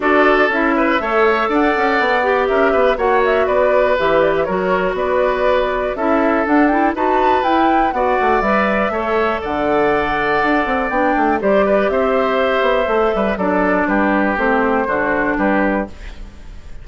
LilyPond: <<
  \new Staff \with { instrumentName = "flute" } { \time 4/4 \tempo 4 = 121 d''4 e''2 fis''4~ | fis''4 e''4 fis''8 e''8 d''4 | e''8 d''16 e''16 cis''4 d''2 | e''4 fis''8 g''8 a''4 g''4 |
fis''4 e''2 fis''4~ | fis''2 g''4 d''4 | e''2. d''4 | b'4 c''2 b'4 | }
  \new Staff \with { instrumentName = "oboe" } { \time 4/4 a'4. b'8 cis''4 d''4~ | d''4 ais'8 b'8 cis''4 b'4~ | b'4 ais'4 b'2 | a'2 b'2 |
d''2 cis''4 d''4~ | d''2. c''8 b'8 | c''2~ c''8 b'8 a'4 | g'2 fis'4 g'4 | }
  \new Staff \with { instrumentName = "clarinet" } { \time 4/4 fis'4 e'4 a'2~ | a'8 g'4. fis'2 | g'4 fis'2. | e'4 d'8 e'8 fis'4 e'4 |
fis'4 b'4 a'2~ | a'2 d'4 g'4~ | g'2 a'4 d'4~ | d'4 c'4 d'2 | }
  \new Staff \with { instrumentName = "bassoon" } { \time 4/4 d'4 cis'4 a4 d'8 cis'8 | b4 cis'8 b8 ais4 b4 | e4 fis4 b2 | cis'4 d'4 dis'4 e'4 |
b8 a8 g4 a4 d4~ | d4 d'8 c'8 b8 a8 g4 | c'4. b8 a8 g8 fis4 | g4 a4 d4 g4 | }
>>